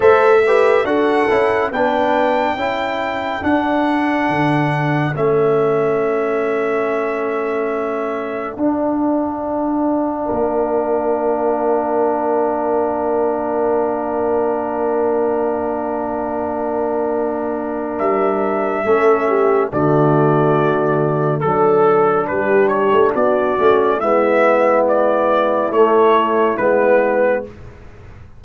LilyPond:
<<
  \new Staff \with { instrumentName = "trumpet" } { \time 4/4 \tempo 4 = 70 e''4 fis''4 g''2 | fis''2 e''2~ | e''2 f''2~ | f''1~ |
f''1~ | f''4 e''2 d''4~ | d''4 a'4 b'8 cis''8 d''4 | e''4 d''4 cis''4 b'4 | }
  \new Staff \with { instrumentName = "horn" } { \time 4/4 c''8 b'8 a'4 b'4 a'4~ | a'1~ | a'1 | ais'1~ |
ais'1~ | ais'2 a'8 g'8 fis'4~ | fis'4 a'4 g'4 fis'4 | e'1 | }
  \new Staff \with { instrumentName = "trombone" } { \time 4/4 a'8 g'8 fis'8 e'8 d'4 e'4 | d'2 cis'2~ | cis'2 d'2~ | d'1~ |
d'1~ | d'2 cis'4 a4~ | a4 d'2~ d'8 cis'8 | b2 a4 b4 | }
  \new Staff \with { instrumentName = "tuba" } { \time 4/4 a4 d'8 cis'8 b4 cis'4 | d'4 d4 a2~ | a2 d'2 | ais1~ |
ais1~ | ais4 g4 a4 d4~ | d4 fis4 g8. a16 b8 a8 | gis2 a4 gis4 | }
>>